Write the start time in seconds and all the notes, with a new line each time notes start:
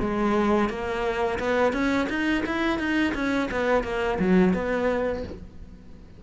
0.00 G#3
0.69 A#3
1.40 B3
1.73 C#4
2.10 D#4
2.46 E4
2.79 D#4
3.15 C#4
3.51 B3
3.84 A#3
4.20 F#3
4.54 B3